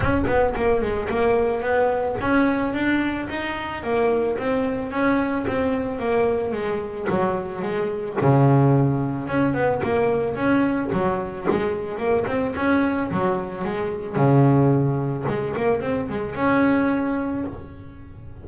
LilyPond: \new Staff \with { instrumentName = "double bass" } { \time 4/4 \tempo 4 = 110 cis'8 b8 ais8 gis8 ais4 b4 | cis'4 d'4 dis'4 ais4 | c'4 cis'4 c'4 ais4 | gis4 fis4 gis4 cis4~ |
cis4 cis'8 b8 ais4 cis'4 | fis4 gis4 ais8 c'8 cis'4 | fis4 gis4 cis2 | gis8 ais8 c'8 gis8 cis'2 | }